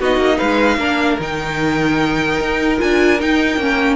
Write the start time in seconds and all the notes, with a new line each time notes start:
0.00 B3 D#4 F#4 D#5
0.18 A#3
0.38 G#3 B4 F5
0.78 A#3 D4 A#4
1.20 D#3 D#4 G5
2.41 D#4
2.79 D4 F4 G#5
3.21 D#4 G5
3.58 A#3 C#4